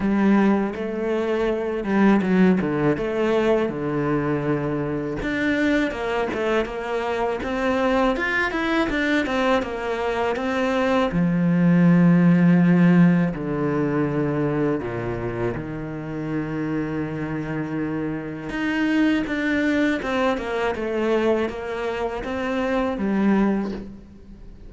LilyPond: \new Staff \with { instrumentName = "cello" } { \time 4/4 \tempo 4 = 81 g4 a4. g8 fis8 d8 | a4 d2 d'4 | ais8 a8 ais4 c'4 f'8 e'8 | d'8 c'8 ais4 c'4 f4~ |
f2 d2 | ais,4 dis2.~ | dis4 dis'4 d'4 c'8 ais8 | a4 ais4 c'4 g4 | }